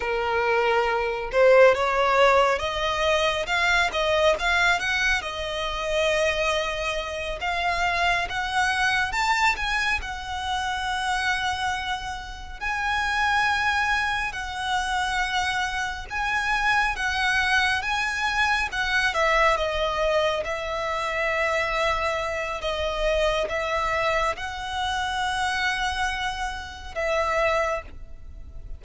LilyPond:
\new Staff \with { instrumentName = "violin" } { \time 4/4 \tempo 4 = 69 ais'4. c''8 cis''4 dis''4 | f''8 dis''8 f''8 fis''8 dis''2~ | dis''8 f''4 fis''4 a''8 gis''8 fis''8~ | fis''2~ fis''8 gis''4.~ |
gis''8 fis''2 gis''4 fis''8~ | fis''8 gis''4 fis''8 e''8 dis''4 e''8~ | e''2 dis''4 e''4 | fis''2. e''4 | }